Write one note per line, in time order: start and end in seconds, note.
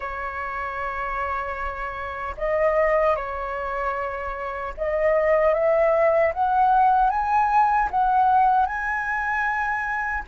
0.00 2.35 C#5
2.37 3.16 D#5
3.16 4.74 C#5
4.77 5.54 D#5
5.54 6.33 E5
6.33 7.10 F#5
7.10 7.89 G#5
7.90 8.66 F#5
8.66 10.23 G#5